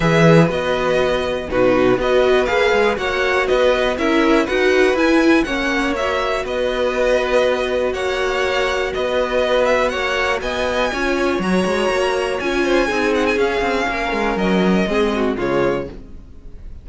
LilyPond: <<
  \new Staff \with { instrumentName = "violin" } { \time 4/4 \tempo 4 = 121 e''4 dis''2 b'4 | dis''4 f''4 fis''4 dis''4 | e''4 fis''4 gis''4 fis''4 | e''4 dis''2. |
fis''2 dis''4. e''8 | fis''4 gis''2 ais''4~ | ais''4 gis''4. fis''16 gis''16 f''4~ | f''4 dis''2 cis''4 | }
  \new Staff \with { instrumentName = "violin" } { \time 4/4 b'2. fis'4 | b'2 cis''4 b'4 | ais'4 b'2 cis''4~ | cis''4 b'2. |
cis''2 b'2 | cis''4 dis''4 cis''2~ | cis''4. c''8 gis'2 | ais'2 gis'8 fis'8 f'4 | }
  \new Staff \with { instrumentName = "viola" } { \time 4/4 gis'4 fis'2 dis'4 | fis'4 gis'4 fis'2 | e'4 fis'4 e'4 cis'4 | fis'1~ |
fis'1~ | fis'2 f'4 fis'4~ | fis'4 f'4 dis'4 cis'4~ | cis'2 c'4 gis4 | }
  \new Staff \with { instrumentName = "cello" } { \time 4/4 e4 b2 b,4 | b4 ais8 gis8 ais4 b4 | cis'4 dis'4 e'4 ais4~ | ais4 b2. |
ais2 b2 | ais4 b4 cis'4 fis8 gis8 | ais4 cis'4 c'4 cis'8 c'8 | ais8 gis8 fis4 gis4 cis4 | }
>>